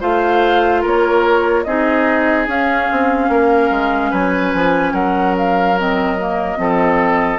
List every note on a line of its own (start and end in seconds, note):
0.00 0.84 A3
0.00 1.64 F4
0.00 0.81 C5
0.00 0.83 F5
0.81 1.65 A#3
0.81 1.63 A#4
0.81 1.63 C#5
1.63 2.47 C4
1.63 2.47 D#4
1.63 3.31 G#4
1.63 2.46 D#5
2.47 2.88 C#4
2.47 5.76 C#4
2.47 4.12 F5
2.91 3.28 C4
3.28 3.70 A#3
3.28 4.10 A#4
3.70 4.11 G#3
4.10 4.53 F#3
4.10 4.92 B4
4.10 4.93 G#5
4.54 4.93 F3
4.93 6.57 F#3
4.93 6.57 A#4
4.93 5.35 F#5
5.37 5.78 F5
5.77 6.18 C4
5.77 7.38 D#5
6.18 6.57 A#3
6.57 7.38 F3
6.57 7.38 C4
6.57 7.38 A4